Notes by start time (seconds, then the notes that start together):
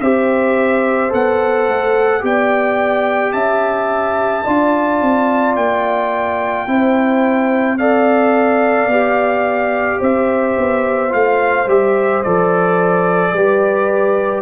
0.00 C4 G4 C5 E5
1.09 B3 A4 F#5
1.68 A3
2.20 B3 G4 D5 G5
3.32 C#4 E5 A5
4.44 D4 F4 D5
5.01 C4
5.56 A#3 G5
6.67 C4 E4 C5
7.78 A4 D5 F5
8.87 B3 G4
9.99 C4 C5 E5
10.57 B3
11.08 A3 F4 F5
11.66 G3 G4 E5
12.22 F3 A4 D5
13.32 G3 G4 B4